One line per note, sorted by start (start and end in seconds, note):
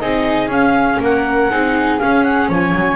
0.00 0.48 C4
0.00 0.51 D#4
0.00 1.01 G#4
0.00 0.50 D#5
0.48 0.98 C#4
0.48 1.51 C#4
0.48 1.01 F5
1.00 1.50 A#3
1.00 1.51 A#4
1.00 1.99 F#5
1.51 2.00 C4
1.51 2.00 D#4
1.51 2.50 G#4
1.99 2.96 C#4
1.99 2.49 C#4
1.99 2.24 F5
2.24 2.49 F#5
2.49 2.74 F3
2.49 2.96 C#5
2.49 2.96 G#5
2.75 2.96 F#3